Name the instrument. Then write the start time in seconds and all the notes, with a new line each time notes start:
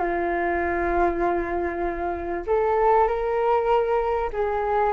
flute
0.00 F4
2.47 A4
3.08 A#4
4.33 G#4